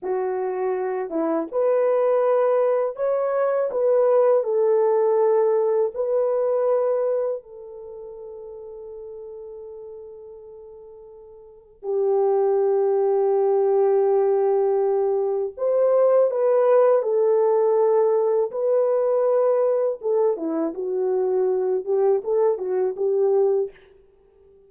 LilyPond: \new Staff \with { instrumentName = "horn" } { \time 4/4 \tempo 4 = 81 fis'4. e'8 b'2 | cis''4 b'4 a'2 | b'2 a'2~ | a'1 |
g'1~ | g'4 c''4 b'4 a'4~ | a'4 b'2 a'8 e'8 | fis'4. g'8 a'8 fis'8 g'4 | }